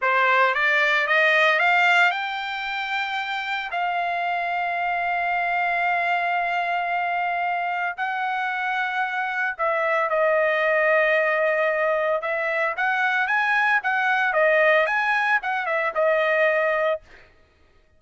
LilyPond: \new Staff \with { instrumentName = "trumpet" } { \time 4/4 \tempo 4 = 113 c''4 d''4 dis''4 f''4 | g''2. f''4~ | f''1~ | f''2. fis''4~ |
fis''2 e''4 dis''4~ | dis''2. e''4 | fis''4 gis''4 fis''4 dis''4 | gis''4 fis''8 e''8 dis''2 | }